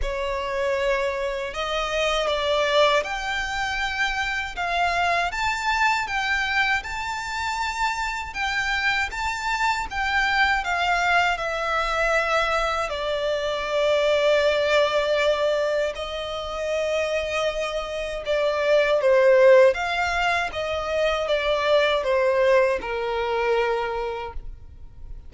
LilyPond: \new Staff \with { instrumentName = "violin" } { \time 4/4 \tempo 4 = 79 cis''2 dis''4 d''4 | g''2 f''4 a''4 | g''4 a''2 g''4 | a''4 g''4 f''4 e''4~ |
e''4 d''2.~ | d''4 dis''2. | d''4 c''4 f''4 dis''4 | d''4 c''4 ais'2 | }